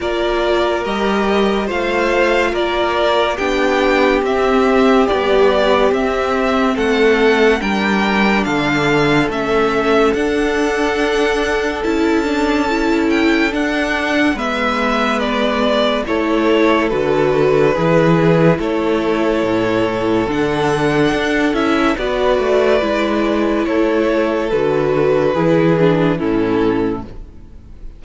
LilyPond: <<
  \new Staff \with { instrumentName = "violin" } { \time 4/4 \tempo 4 = 71 d''4 dis''4 f''4 d''4 | g''4 e''4 d''4 e''4 | fis''4 g''4 f''4 e''4 | fis''2 a''4. g''8 |
fis''4 e''4 d''4 cis''4 | b'2 cis''2 | fis''4. e''8 d''2 | cis''4 b'2 a'4 | }
  \new Staff \with { instrumentName = "violin" } { \time 4/4 ais'2 c''4 ais'4 | g'1 | a'4 ais'4 a'2~ | a'1~ |
a'4 b'2 a'4~ | a'4 gis'4 a'2~ | a'2 b'2 | a'2 gis'4 e'4 | }
  \new Staff \with { instrumentName = "viola" } { \time 4/4 f'4 g'4 f'2 | d'4 c'4 g4 c'4~ | c'4 d'2 cis'4 | d'2 e'8 d'8 e'4 |
d'4 b2 e'4 | fis'4 e'2. | d'4. e'8 fis'4 e'4~ | e'4 fis'4 e'8 d'8 cis'4 | }
  \new Staff \with { instrumentName = "cello" } { \time 4/4 ais4 g4 a4 ais4 | b4 c'4 b4 c'4 | a4 g4 d4 a4 | d'2 cis'2 |
d'4 gis2 a4 | d4 e4 a4 a,4 | d4 d'8 cis'8 b8 a8 gis4 | a4 d4 e4 a,4 | }
>>